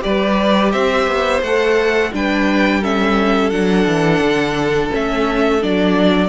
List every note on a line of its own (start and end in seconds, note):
0.00 0.74 G3
0.00 1.40 G4
0.00 0.72 B4
0.00 0.71 D5
0.71 1.07 C4
0.71 2.11 C5
0.71 1.41 E5
1.07 1.41 B3
1.41 2.11 A3
1.41 2.12 A4
1.41 2.12 F#5
2.12 3.51 G3
2.12 2.82 D4
2.12 2.80 B4
2.12 2.83 G5
2.80 3.51 C#4
2.80 6.28 A4
2.80 3.50 E5
3.50 3.86 F#3
3.50 4.90 D4
3.50 4.89 F#5
3.86 4.20 E3
4.20 4.90 D3
4.90 5.63 A3
4.90 5.60 C#4
4.90 5.63 E5
5.61 6.28 F#3
5.61 6.28 D4
5.61 6.28 D5